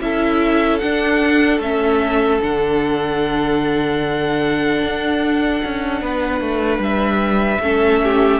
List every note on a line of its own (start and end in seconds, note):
0.00 0.80 C#4
0.00 0.81 E4
0.00 6.02 A4
0.00 0.79 E5
0.79 1.62 D4
0.79 1.59 D4
0.79 1.59 F#5
1.59 2.39 A3
1.59 2.40 C#4
1.59 2.41 E5
2.40 4.82 D3
2.40 7.60 D4
2.40 6.83 F#5
4.82 5.62 D4
5.64 6.01 C#4
6.01 6.40 B3
6.01 7.62 B4
6.40 6.78 A3
6.78 7.58 G3
6.78 8.40 E5
7.60 8.40 A3
7.60 8.40 C#4
7.60 8.02 A4
8.03 8.40 G4